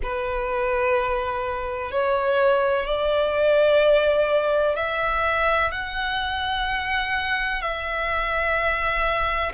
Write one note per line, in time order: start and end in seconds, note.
0.03 1.90 B4
1.90 2.86 C#5
2.86 4.76 D5
4.76 5.71 E5
5.71 7.61 F#5
7.61 9.52 E5